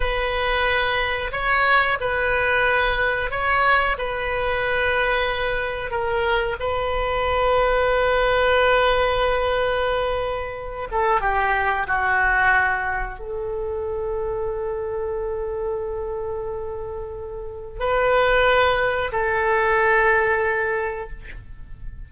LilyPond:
\new Staff \with { instrumentName = "oboe" } { \time 4/4 \tempo 4 = 91 b'2 cis''4 b'4~ | b'4 cis''4 b'2~ | b'4 ais'4 b'2~ | b'1~ |
b'8 a'8 g'4 fis'2 | a'1~ | a'2. b'4~ | b'4 a'2. | }